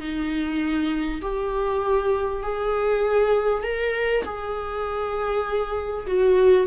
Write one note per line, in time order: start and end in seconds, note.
0.00 1.21 D#4
1.22 2.43 G4
2.43 3.63 G#4
3.63 4.24 A#4
4.25 6.06 G#4
6.07 6.67 F#4